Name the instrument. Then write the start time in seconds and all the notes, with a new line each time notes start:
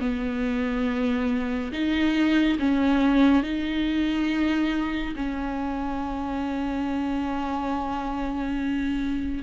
viola
0.00 B3
1.72 D#4
2.59 C#4
3.42 D#4
5.15 C#4